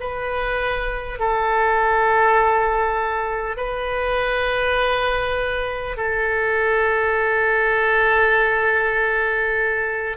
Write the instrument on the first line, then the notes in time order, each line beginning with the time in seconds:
oboe
0.00 B4
1.19 A4
3.57 B4
5.97 A4